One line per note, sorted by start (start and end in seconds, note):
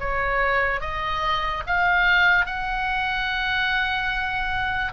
0.00 0.81 C#5
0.81 1.63 D#5
1.67 2.46 F5
2.46 4.93 F#5